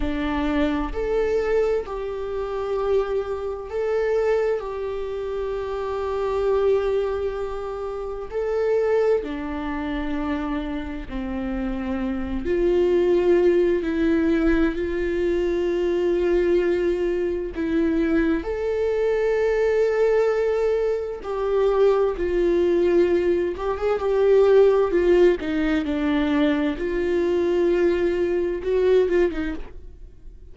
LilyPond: \new Staff \with { instrumentName = "viola" } { \time 4/4 \tempo 4 = 65 d'4 a'4 g'2 | a'4 g'2.~ | g'4 a'4 d'2 | c'4. f'4. e'4 |
f'2. e'4 | a'2. g'4 | f'4. g'16 gis'16 g'4 f'8 dis'8 | d'4 f'2 fis'8 f'16 dis'16 | }